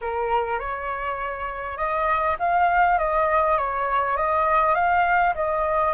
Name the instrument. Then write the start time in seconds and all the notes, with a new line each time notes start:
flute
0.01 A#4
0.59 C#5
1.77 D#5
2.39 F5
2.98 D#5
3.57 C#5
4.16 D#5
4.74 F5
5.34 D#5